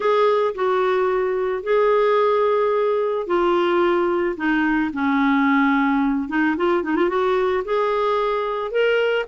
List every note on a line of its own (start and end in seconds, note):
0.00 0.54 G#4
0.55 1.63 F#4
1.63 3.26 G#4
3.26 4.35 F4
4.36 4.91 D#4
4.93 6.28 C#4
6.28 6.56 D#4
6.57 6.83 F4
6.83 6.95 D#4
6.95 7.09 F4
7.09 7.63 F#4
7.64 8.71 G#4
8.71 9.25 A#4